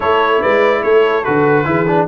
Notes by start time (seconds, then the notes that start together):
0.00 A3 E4 A4 C#5
0.41 G#3 B4 D5
0.83 A3 A4 C#5
1.24 D3 F#4 B4
1.64 E3 E4 G#4
1.87 D4